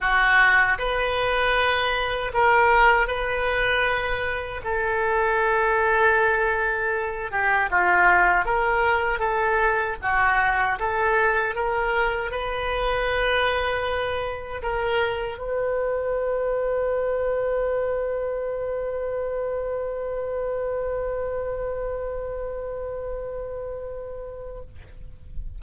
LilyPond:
\new Staff \with { instrumentName = "oboe" } { \time 4/4 \tempo 4 = 78 fis'4 b'2 ais'4 | b'2 a'2~ | a'4. g'8 f'4 ais'4 | a'4 fis'4 a'4 ais'4 |
b'2. ais'4 | b'1~ | b'1~ | b'1 | }